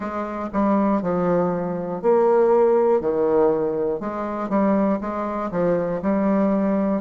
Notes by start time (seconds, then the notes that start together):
0.00 G#3
0.52 G3
1.01 F3
2.01 A#3
3.00 D#3
4.00 G#3
4.49 G3
5.00 G#3
5.51 F3
6.01 G3